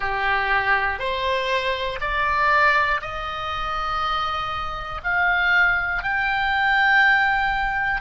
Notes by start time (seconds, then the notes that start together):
0.00 G4
0.99 C5
2.00 D5
3.00 D#5
5.03 F5
6.02 G5